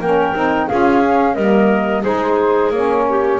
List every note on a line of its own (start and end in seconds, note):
0.00 0.34 A#3
0.00 0.35 C#4
0.00 0.67 A#4
0.00 0.68 G5
0.35 0.69 C4
0.35 0.69 D#4
0.67 1.35 C#4
0.67 1.02 F4
0.67 1.33 G#4
0.67 1.34 F5
1.02 1.36 C#4
1.33 2.04 G3
1.33 2.04 A#3
1.33 2.02 A#4
1.33 2.02 D#5
2.02 2.70 G#3
2.02 2.72 D#4
2.02 3.04 G#4
2.02 2.72 C5
2.70 3.39 A#3
2.70 3.40 C#4
2.70 3.40 C#5
3.09 3.40 G4